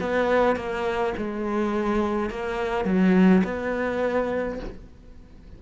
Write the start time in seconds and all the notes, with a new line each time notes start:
0.00 B3
0.56 A#3
1.17 G#3
2.30 A#3
2.85 F#3
3.44 B3